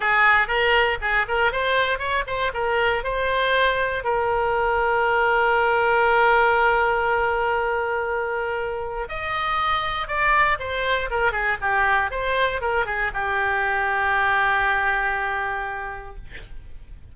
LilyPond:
\new Staff \with { instrumentName = "oboe" } { \time 4/4 \tempo 4 = 119 gis'4 ais'4 gis'8 ais'8 c''4 | cis''8 c''8 ais'4 c''2 | ais'1~ | ais'1~ |
ais'2 dis''2 | d''4 c''4 ais'8 gis'8 g'4 | c''4 ais'8 gis'8 g'2~ | g'1 | }